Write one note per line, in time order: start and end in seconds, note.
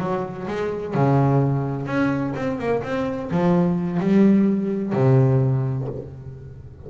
0.00 0.47 F#3
0.48 0.95 G#3
0.95 1.87 C#3
1.87 2.34 C#4
2.36 2.59 C4
2.59 2.83 A#3
2.83 3.31 C4
3.32 4.00 F3
4.00 4.94 G3
4.94 5.88 C3